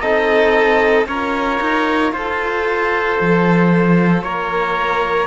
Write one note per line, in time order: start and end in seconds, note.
0.00 1.07 C4
0.00 1.07 D#4
0.00 1.07 A4
0.00 1.05 D#5
1.07 1.59 C#4
1.07 5.27 F4
1.07 2.13 A#4
1.07 2.12 C#5
1.60 2.12 D#4
2.12 3.17 F4
2.12 4.24 A4
2.12 4.22 C5
3.20 4.23 F3
4.22 5.27 A#3
4.22 5.27 A#4
4.22 5.27 C#5